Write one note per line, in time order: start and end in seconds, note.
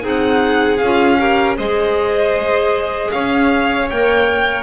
0.00 0.80 C4
0.00 0.77 D#4
0.00 1.18 G#4
0.08 0.77 F#5
0.77 1.58 C#4
0.77 1.54 F5
0.83 1.18 F4
1.18 1.56 G4
1.18 1.57 A#4
1.56 3.12 G#3
1.56 3.86 G#4
1.56 3.10 C5
1.56 3.11 D#5
3.11 3.91 C#4
3.11 4.63 C#5
3.11 3.88 F5
3.90 4.63 A#3
3.90 4.63 A#4
3.90 4.63 G5